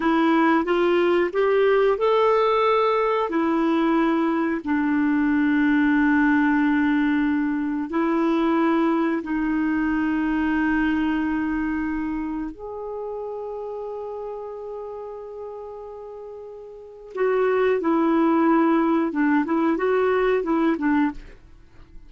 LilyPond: \new Staff \with { instrumentName = "clarinet" } { \time 4/4 \tempo 4 = 91 e'4 f'4 g'4 a'4~ | a'4 e'2 d'4~ | d'1 | e'2 dis'2~ |
dis'2. gis'4~ | gis'1~ | gis'2 fis'4 e'4~ | e'4 d'8 e'8 fis'4 e'8 d'8 | }